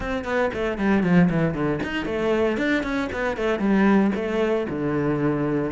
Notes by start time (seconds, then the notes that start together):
0.00 C4
0.24 B3
0.53 A3
0.78 G3
1.03 F3
1.29 E3
1.54 D3
1.83 D#4
2.05 A3
2.57 D4
2.83 C#4
3.12 B3
3.36 A3
3.59 G3
4.15 A3
4.69 D3